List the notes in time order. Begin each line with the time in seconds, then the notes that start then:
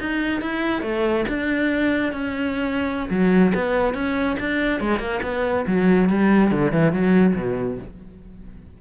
0.00 D#4
0.41 E4
0.82 A3
1.29 D4
2.12 C#4
3.10 F#3
3.55 B3
3.94 C#4
4.40 D4
4.81 G#3
4.99 A#3
5.23 B3
5.67 F#3
6.09 G3
6.51 D3
6.72 E3
6.93 F#3
7.36 B2